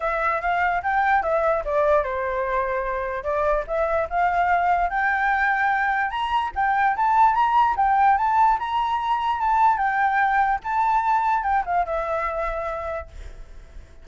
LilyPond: \new Staff \with { instrumentName = "flute" } { \time 4/4 \tempo 4 = 147 e''4 f''4 g''4 e''4 | d''4 c''2. | d''4 e''4 f''2 | g''2. ais''4 |
g''4 a''4 ais''4 g''4 | a''4 ais''2 a''4 | g''2 a''2 | g''8 f''8 e''2. | }